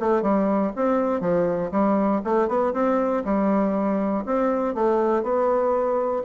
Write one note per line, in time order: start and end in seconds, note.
0.00 0.22 A3
0.22 0.72 G3
0.76 1.21 C4
1.21 1.71 F3
1.72 2.22 G3
2.25 2.48 A3
2.48 2.73 B3
2.73 3.23 C4
3.25 4.25 G3
4.26 4.75 C4
4.75 5.23 A3
5.23 6.23 B3